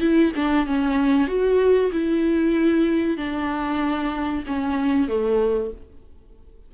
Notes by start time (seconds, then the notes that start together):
0.00 E4
0.35 D4
0.66 C#4
1.27 F#4
1.91 E4
3.17 D4
4.46 C#4
5.08 A3